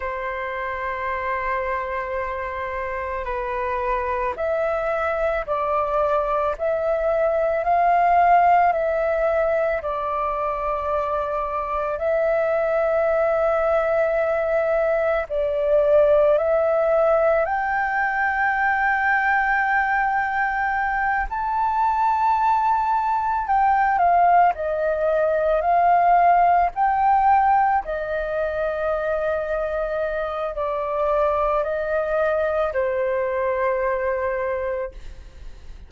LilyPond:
\new Staff \with { instrumentName = "flute" } { \time 4/4 \tempo 4 = 55 c''2. b'4 | e''4 d''4 e''4 f''4 | e''4 d''2 e''4~ | e''2 d''4 e''4 |
g''2.~ g''8 a''8~ | a''4. g''8 f''8 dis''4 f''8~ | f''8 g''4 dis''2~ dis''8 | d''4 dis''4 c''2 | }